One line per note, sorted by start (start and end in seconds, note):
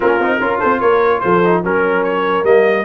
0.00 0.19 A#3
0.00 0.21 C#4
0.00 0.40 F4
0.00 0.59 A#4
0.19 0.39 C4
0.19 0.41 D#4
0.39 0.60 C#4
0.39 1.43 F4
0.39 0.59 A#4
0.59 0.81 C4
0.59 0.79 A4
0.59 0.79 C5
0.80 1.22 A#3
0.80 1.21 A#4
0.80 1.20 C#5
1.20 1.64 F3
1.20 1.63 A4
1.20 1.61 C5
1.44 1.64 D#4
1.63 2.43 F#3
1.63 2.44 C#4
1.63 2.84 A#4
1.63 2.03 A#4
2.03 2.44 C#5
2.43 2.84 G3
2.43 2.84 A#3
2.43 2.84 D#5